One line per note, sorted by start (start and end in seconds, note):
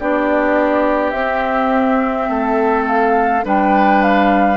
0.00 1.13 B3
0.00 1.15 D4
0.00 2.30 G4
0.00 1.11 D5
1.11 2.28 C4
1.11 3.44 C4
1.11 2.84 E5
2.29 3.44 A3
2.29 3.45 A4
2.87 3.45 F5
3.44 4.57 G3
3.44 4.57 D4
3.44 4.57 B4
3.44 4.04 G5
4.04 4.57 F5